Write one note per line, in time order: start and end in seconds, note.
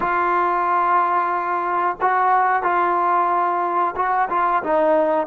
0.00 1.96 F4
2.01 2.63 F#4
2.63 3.94 F4
3.96 4.29 F#4
4.29 4.62 F4
4.63 5.26 D#4